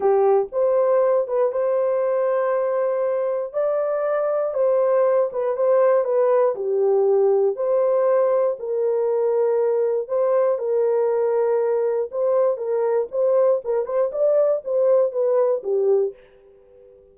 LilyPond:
\new Staff \with { instrumentName = "horn" } { \time 4/4 \tempo 4 = 119 g'4 c''4. b'8 c''4~ | c''2. d''4~ | d''4 c''4. b'8 c''4 | b'4 g'2 c''4~ |
c''4 ais'2. | c''4 ais'2. | c''4 ais'4 c''4 ais'8 c''8 | d''4 c''4 b'4 g'4 | }